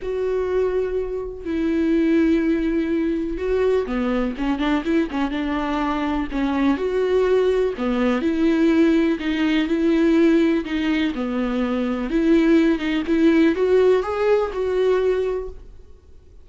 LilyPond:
\new Staff \with { instrumentName = "viola" } { \time 4/4 \tempo 4 = 124 fis'2. e'4~ | e'2. fis'4 | b4 cis'8 d'8 e'8 cis'8 d'4~ | d'4 cis'4 fis'2 |
b4 e'2 dis'4 | e'2 dis'4 b4~ | b4 e'4. dis'8 e'4 | fis'4 gis'4 fis'2 | }